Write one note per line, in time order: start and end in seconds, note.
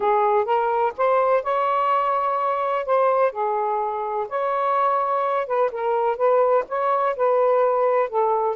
0.00 0.45 G#4
0.45 0.92 A#4
0.97 1.43 C5
1.43 2.85 C#5
2.85 3.32 C5
3.32 4.27 G#4
4.28 5.47 C#5
5.47 5.70 B4
5.71 6.16 A#4
6.16 6.64 B4
6.68 7.16 C#5
7.16 8.09 B4
8.09 8.55 A4